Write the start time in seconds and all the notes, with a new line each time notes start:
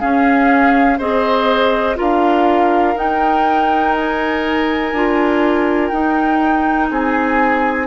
0.00 C#4 G#4 F5
0.98 C4 G#4 C5 D#5
1.95 D4 F4 A#4 F5
2.96 D#4 G5
3.97 G#5
4.92 D4 F4
5.88 D#4 G5
6.91 C4 G#4 G#5